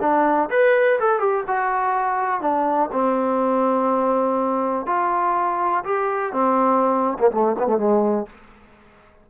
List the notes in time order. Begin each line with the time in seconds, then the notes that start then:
0.00 D4
0.50 B4
0.99 A4
1.19 G4
1.47 F#4
2.40 D4
2.92 C4
4.86 F4
5.84 G4
6.32 C4
7.18 A#3
7.31 A3
7.58 B3
7.67 A3
7.77 G#3